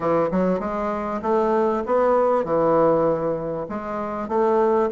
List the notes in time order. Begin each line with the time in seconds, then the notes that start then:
0.00 E3
0.31 F#3
0.59 G#3
1.22 A3
1.86 B3
2.44 E3
3.68 G#3
4.28 A3